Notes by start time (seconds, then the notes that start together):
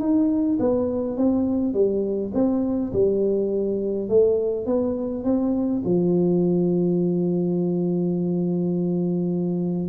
0.00 D#4
0.59 B3
1.17 C4
1.73 G3
2.34 C4
2.93 G3
4.09 A3
4.66 B3
5.24 C4
5.84 F3